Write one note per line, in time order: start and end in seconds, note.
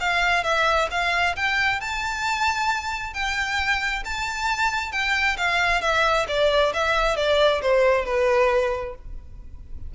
0.00 0.44 F5
0.44 0.89 E5
0.91 1.36 F5
1.36 1.81 G5
1.81 3.14 A5
3.14 4.03 G5
4.05 4.92 A5
4.92 5.37 G5
5.37 5.81 F5
5.81 6.26 E5
6.28 6.73 D5
6.74 7.17 E5
7.17 7.62 D5
7.62 8.06 C5
8.06 8.95 B4